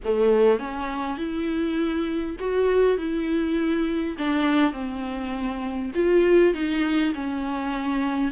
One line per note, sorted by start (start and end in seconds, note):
0.04 0.59 A3
0.59 1.17 C#4
1.17 2.36 E4
2.39 2.97 F#4
2.97 4.16 E4
4.18 4.72 D4
4.72 5.91 C4
5.94 6.53 F4
6.53 7.13 D#4
7.14 8.31 C#4